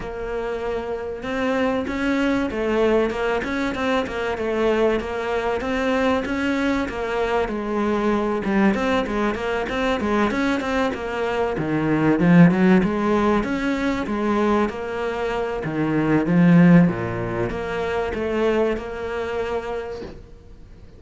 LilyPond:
\new Staff \with { instrumentName = "cello" } { \time 4/4 \tempo 4 = 96 ais2 c'4 cis'4 | a4 ais8 cis'8 c'8 ais8 a4 | ais4 c'4 cis'4 ais4 | gis4. g8 c'8 gis8 ais8 c'8 |
gis8 cis'8 c'8 ais4 dis4 f8 | fis8 gis4 cis'4 gis4 ais8~ | ais4 dis4 f4 ais,4 | ais4 a4 ais2 | }